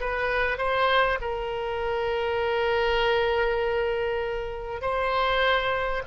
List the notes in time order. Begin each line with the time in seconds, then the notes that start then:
0.00 B4
0.58 C5
1.21 A#4
4.81 C5